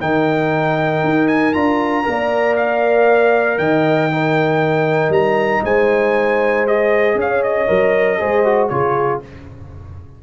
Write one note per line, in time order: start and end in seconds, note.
0.00 1.04 D#3
0.00 1.54 D#4
0.00 2.05 A#4
0.00 1.28 G5
1.04 1.55 D#4
1.28 1.54 G#5
1.54 2.07 D4
1.54 2.04 F4
1.54 2.56 A#5
2.04 3.59 A#3
2.04 4.09 A#4
2.04 3.60 D5
2.57 3.58 F5
3.58 5.10 D#3
3.58 4.11 D#5
3.58 5.12 G5
4.12 6.67 D#4
4.12 5.64 A#4
5.10 5.61 G3
5.10 5.64 A#5
5.64 7.15 G#3
5.64 7.18 C5
5.64 6.68 G#5
6.67 7.68 G#4
6.67 7.19 D#5
7.15 7.67 C#4
7.15 8.20 C#5
7.15 7.43 F5
7.43 8.69 D#5
7.68 8.21 F#3
7.68 8.19 A#4
8.20 8.71 G#3
8.20 8.45 G#4
8.20 8.71 C5
8.45 8.71 F#4
8.69 9.22 C#3
8.69 9.22 F4
8.69 9.23 G#4
8.69 9.20 C#5